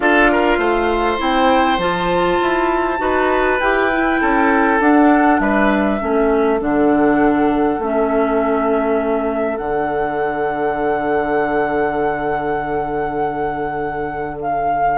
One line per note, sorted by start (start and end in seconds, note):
0.00 0.58 D4
0.00 1.18 F4
0.00 0.31 A4
0.00 1.19 F5
0.31 0.58 A#4
0.58 1.18 A3
0.58 2.98 C5
1.18 1.78 C4
1.18 1.78 E4
1.18 1.80 G5
1.78 2.38 F3
1.78 2.98 F4
1.78 3.59 A5
2.41 2.99 E4
2.98 3.59 D#4
2.98 3.58 F#4
2.98 4.20 B4
3.59 4.20 E4
3.59 3.91 G4
3.59 4.79 G5
3.92 4.80 E4
4.20 4.79 C#4
4.20 5.40 A4
4.79 5.39 D4
4.79 5.99 D4
4.79 5.39 F#5
5.39 5.99 G3
5.39 6.01 B4
5.39 6.59 E5
5.99 6.60 A3
5.99 6.59 C#4
5.99 14.97 A4
6.59 7.78 D3
6.59 7.79 D4
6.59 7.82 F#5
7.78 9.58 A3
7.78 9.60 C#4
7.78 9.57 E5
9.57 14.97 D3
9.57 14.97 D4
9.57 14.37 F#5
14.41 14.97 F5